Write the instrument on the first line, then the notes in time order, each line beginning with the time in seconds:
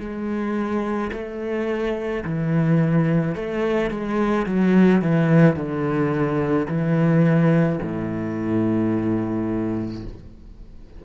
cello
0.00 G#3
1.13 A3
2.25 E3
3.35 A3
3.90 G#3
4.46 F#3
5.02 E3
5.56 D3
6.68 E3
7.82 A2